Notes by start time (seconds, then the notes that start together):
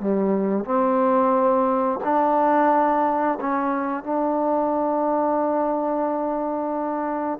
0.00 G3
0.65 C4
2.04 D4
3.40 C#4
4.04 D4